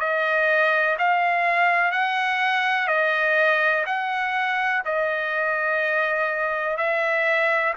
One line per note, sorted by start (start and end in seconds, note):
0.00 0.97 D#5
0.98 1.91 F5
1.91 2.87 F#5
2.87 3.84 D#5
3.86 4.83 F#5
4.85 6.77 D#5
6.77 7.74 E5